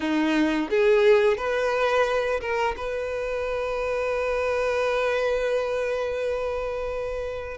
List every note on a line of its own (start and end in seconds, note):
0.00 0.69 D#4
0.70 1.37 G#4
1.37 2.40 B4
2.40 2.75 A#4
2.76 7.57 B4